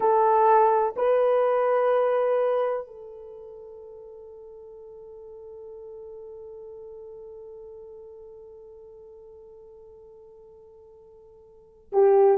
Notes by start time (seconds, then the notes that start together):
0.00 A4
0.96 B4
2.86 A4
11.92 G4